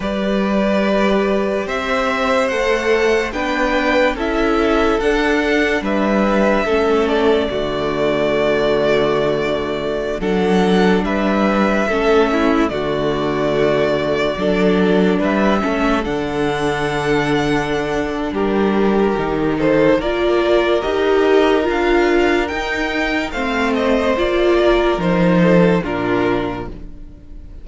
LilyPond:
<<
  \new Staff \with { instrumentName = "violin" } { \time 4/4 \tempo 4 = 72 d''2 e''4 fis''4 | g''4 e''4 fis''4 e''4~ | e''8 d''2.~ d''8~ | d''16 fis''4 e''2 d''8.~ |
d''2~ d''16 e''4 fis''8.~ | fis''2 ais'4. c''8 | d''4 dis''4 f''4 g''4 | f''8 dis''8 d''4 c''4 ais'4 | }
  \new Staff \with { instrumentName = "violin" } { \time 4/4 b'2 c''2 | b'4 a'2 b'4 | a'4 fis'2.~ | fis'16 a'4 b'4 a'8 e'8 fis'8.~ |
fis'4~ fis'16 a'4 b'8 a'4~ a'16~ | a'2 g'4. a'8 | ais'1 | c''4. ais'4 a'8 f'4 | }
  \new Staff \with { instrumentName = "viola" } { \time 4/4 g'2. a'4 | d'4 e'4 d'2 | cis'4 a2.~ | a16 d'2 cis'4 a8.~ |
a4~ a16 d'4. cis'8 d'8.~ | d'2. dis'4 | f'4 g'4 f'4 dis'4 | c'4 f'4 dis'4 d'4 | }
  \new Staff \with { instrumentName = "cello" } { \time 4/4 g2 c'4 a4 | b4 cis'4 d'4 g4 | a4 d2.~ | d16 fis4 g4 a4 d8.~ |
d4~ d16 fis4 g8 a8 d8.~ | d2 g4 dis4 | ais4 dis'4 d'4 dis'4 | a4 ais4 f4 ais,4 | }
>>